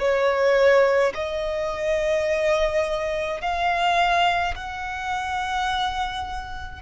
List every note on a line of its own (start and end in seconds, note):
0.00 1.13 C#5
1.15 3.41 D#5
3.41 4.54 F5
4.55 6.82 F#5